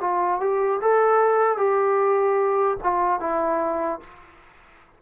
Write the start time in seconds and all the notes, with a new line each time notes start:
0.00 F4
0.40 G4
0.81 A4
1.57 G4
2.83 F4
3.20 E4